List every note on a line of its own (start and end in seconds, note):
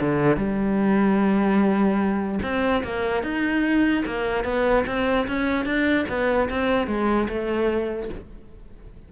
0.00 0.36 D3
0.36 2.39 G3
2.42 2.82 C4
2.83 3.22 A#3
3.22 4.04 D#4
4.05 4.44 A#3
4.44 4.84 B3
4.86 5.26 C4
5.27 5.65 C#4
5.65 6.05 D4
6.08 6.48 B3
6.49 6.87 C4
6.87 7.27 G#3
7.28 8.09 A3